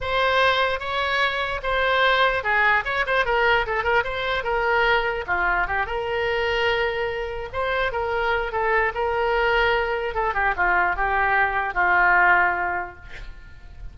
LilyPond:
\new Staff \with { instrumentName = "oboe" } { \time 4/4 \tempo 4 = 148 c''2 cis''2 | c''2 gis'4 cis''8 c''8 | ais'4 a'8 ais'8 c''4 ais'4~ | ais'4 f'4 g'8 ais'4.~ |
ais'2~ ais'8 c''4 ais'8~ | ais'4 a'4 ais'2~ | ais'4 a'8 g'8 f'4 g'4~ | g'4 f'2. | }